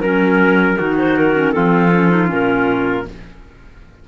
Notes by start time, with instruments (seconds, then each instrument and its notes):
0.00 cello F#3, clarinet C#4 A#4, trumpet A#4
0.78 cello D#3, clarinet D#4, trumpet F#4
0.98 clarinet C5
1.16 clarinet A#4
1.34 clarinet C#4
1.52 cello F3, clarinet C4 A4, trumpet F4
1.91 clarinet C#4
2.10 clarinet D#4
2.27 cello A#2, clarinet C#4 A#4